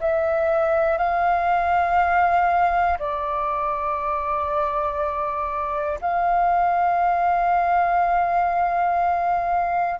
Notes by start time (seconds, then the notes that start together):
0.00 E5
0.98 F5
2.99 D5
6.01 F5